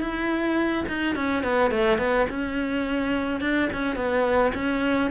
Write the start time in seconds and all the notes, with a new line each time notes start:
0.00 E4
0.88 D#4
1.15 C#4
1.43 B3
1.71 A3
1.98 B3
2.29 C#4
3.41 D4
3.73 C#4
3.96 B3
4.54 C#4